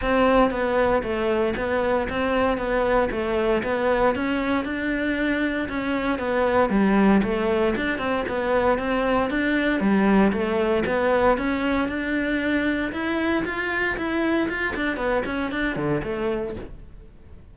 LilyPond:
\new Staff \with { instrumentName = "cello" } { \time 4/4 \tempo 4 = 116 c'4 b4 a4 b4 | c'4 b4 a4 b4 | cis'4 d'2 cis'4 | b4 g4 a4 d'8 c'8 |
b4 c'4 d'4 g4 | a4 b4 cis'4 d'4~ | d'4 e'4 f'4 e'4 | f'8 d'8 b8 cis'8 d'8 d8 a4 | }